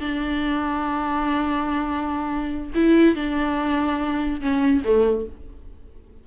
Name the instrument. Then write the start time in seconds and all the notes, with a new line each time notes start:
viola
0.00 D4
2.75 E4
3.15 D4
4.41 C#4
4.84 A3